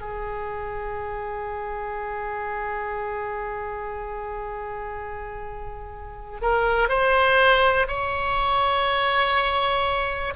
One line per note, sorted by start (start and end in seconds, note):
0.00 6.39 G#4
6.42 6.88 A#4
6.88 7.86 C5
7.87 10.33 C#5